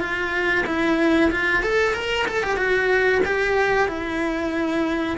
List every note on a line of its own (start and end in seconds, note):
0.00 0.65 F4
0.66 1.31 E4
1.31 1.63 F4
1.63 1.94 A4
1.94 2.26 A#4
2.28 2.43 A4
2.43 2.57 G4
2.57 3.22 F#4
3.25 3.88 G4
3.88 5.17 E4